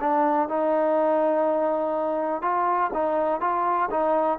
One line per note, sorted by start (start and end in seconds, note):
0.00 0.48 D4
0.48 2.41 D#4
2.41 2.90 F4
2.93 3.40 D#4
3.40 3.89 F4
3.90 4.38 D#4